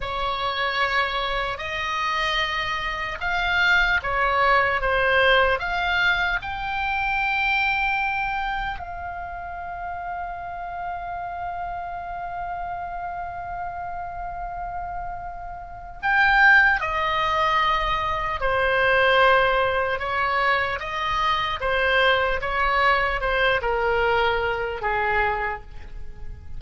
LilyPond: \new Staff \with { instrumentName = "oboe" } { \time 4/4 \tempo 4 = 75 cis''2 dis''2 | f''4 cis''4 c''4 f''4 | g''2. f''4~ | f''1~ |
f''1 | g''4 dis''2 c''4~ | c''4 cis''4 dis''4 c''4 | cis''4 c''8 ais'4. gis'4 | }